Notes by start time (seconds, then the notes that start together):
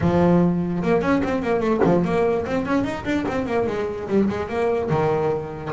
0.01 F3
0.83 A#3
1.01 C#4
1.23 C4
1.42 A#3
1.60 A3
1.84 F3
2.04 A#3
2.45 C4
2.65 C#4
2.84 D#4
3.04 D4
3.28 C4
3.46 A#3
3.66 G#3
4.08 G3
4.29 G#3
4.48 A#3
4.90 D#3